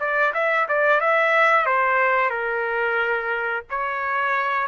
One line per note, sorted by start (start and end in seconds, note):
0.00 0.33 D5
0.34 0.67 E5
0.68 1.00 D5
1.00 1.66 E5
1.66 2.30 C5
2.30 3.63 A#4
3.70 4.67 C#5